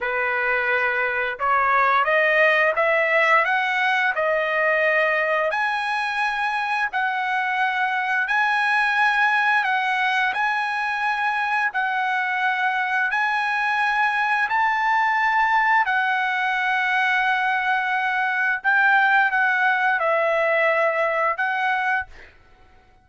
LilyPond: \new Staff \with { instrumentName = "trumpet" } { \time 4/4 \tempo 4 = 87 b'2 cis''4 dis''4 | e''4 fis''4 dis''2 | gis''2 fis''2 | gis''2 fis''4 gis''4~ |
gis''4 fis''2 gis''4~ | gis''4 a''2 fis''4~ | fis''2. g''4 | fis''4 e''2 fis''4 | }